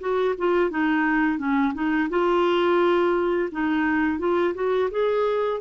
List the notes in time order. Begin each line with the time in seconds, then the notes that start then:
0.00 F#4
0.38 F4
0.70 D#4
1.38 C#4
1.74 D#4
2.10 F4
3.52 D#4
4.19 F4
4.54 F#4
4.91 G#4